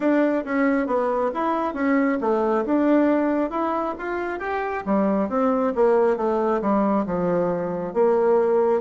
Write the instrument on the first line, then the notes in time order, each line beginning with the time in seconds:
bassoon
0.00 D4
0.45 C#4
0.86 B3
1.34 E4
1.74 C#4
2.20 A3
2.65 D4
3.50 E4
3.98 F4
4.39 G4
4.85 G3
5.29 C4
5.75 A#3
6.16 A3
6.61 G3
7.05 F3
7.93 A#3